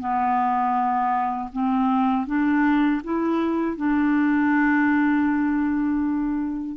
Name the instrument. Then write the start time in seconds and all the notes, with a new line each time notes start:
clarinet
0.00 B3
1.53 C4
2.27 D4
3.04 E4
3.77 D4